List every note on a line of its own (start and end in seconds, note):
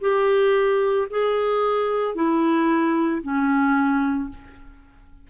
0.00 1.07 G4
1.10 2.14 G#4
2.14 3.21 E4
3.22 4.29 C#4